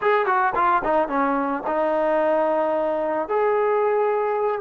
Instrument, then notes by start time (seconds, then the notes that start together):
trombone
0.01 G#4
0.26 F#4
0.55 F4
0.83 D#4
1.08 C#4
1.67 D#4
3.28 G#4